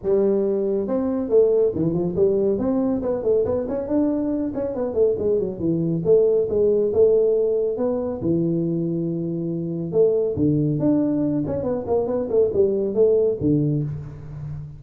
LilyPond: \new Staff \with { instrumentName = "tuba" } { \time 4/4 \tempo 4 = 139 g2 c'4 a4 | e8 f8 g4 c'4 b8 a8 | b8 cis'8 d'4. cis'8 b8 a8 | gis8 fis8 e4 a4 gis4 |
a2 b4 e4~ | e2. a4 | d4 d'4. cis'8 b8 ais8 | b8 a8 g4 a4 d4 | }